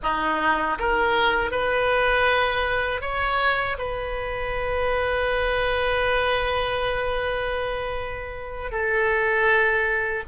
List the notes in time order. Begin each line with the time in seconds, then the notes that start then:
0.02 D#4
0.78 A#4
1.51 B4
3.01 C#5
3.78 B4
8.71 A4